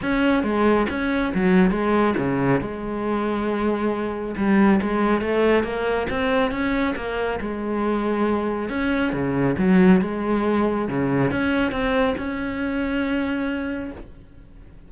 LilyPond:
\new Staff \with { instrumentName = "cello" } { \time 4/4 \tempo 4 = 138 cis'4 gis4 cis'4 fis4 | gis4 cis4 gis2~ | gis2 g4 gis4 | a4 ais4 c'4 cis'4 |
ais4 gis2. | cis'4 cis4 fis4 gis4~ | gis4 cis4 cis'4 c'4 | cis'1 | }